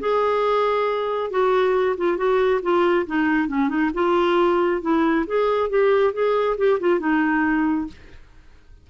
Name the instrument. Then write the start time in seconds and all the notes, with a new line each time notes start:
clarinet
0.00 G#4
1.30 F#4
1.97 F4
2.17 F#4
2.62 F4
3.06 D#4
3.48 C#4
3.68 D#4
3.94 F4
4.82 E4
5.27 G#4
5.69 G4
6.13 G#4
6.57 G4
6.80 F4
7.00 D#4